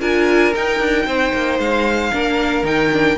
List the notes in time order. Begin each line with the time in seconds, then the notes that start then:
0.00 D4 F4 A#4 G#5
0.55 D#4 G5
0.79 D4
1.06 C4 C5
1.33 A#3
1.58 G#3 F5
2.12 A#3 D4 A#4
2.63 D#3 D#4 G5
2.93 D4